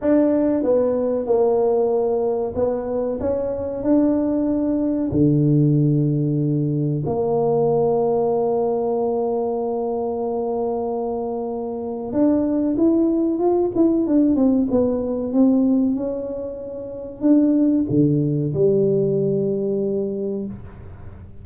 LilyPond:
\new Staff \with { instrumentName = "tuba" } { \time 4/4 \tempo 4 = 94 d'4 b4 ais2 | b4 cis'4 d'2 | d2. ais4~ | ais1~ |
ais2. d'4 | e'4 f'8 e'8 d'8 c'8 b4 | c'4 cis'2 d'4 | d4 g2. | }